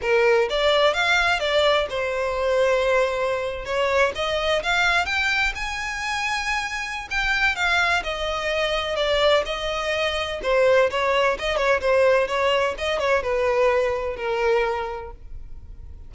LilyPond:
\new Staff \with { instrumentName = "violin" } { \time 4/4 \tempo 4 = 127 ais'4 d''4 f''4 d''4 | c''2.~ c''8. cis''16~ | cis''8. dis''4 f''4 g''4 gis''16~ | gis''2. g''4 |
f''4 dis''2 d''4 | dis''2 c''4 cis''4 | dis''8 cis''8 c''4 cis''4 dis''8 cis''8 | b'2 ais'2 | }